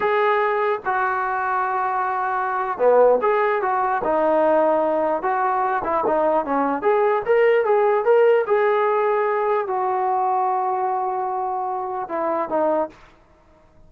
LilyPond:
\new Staff \with { instrumentName = "trombone" } { \time 4/4 \tempo 4 = 149 gis'2 fis'2~ | fis'2. b4 | gis'4 fis'4 dis'2~ | dis'4 fis'4. e'8 dis'4 |
cis'4 gis'4 ais'4 gis'4 | ais'4 gis'2. | fis'1~ | fis'2 e'4 dis'4 | }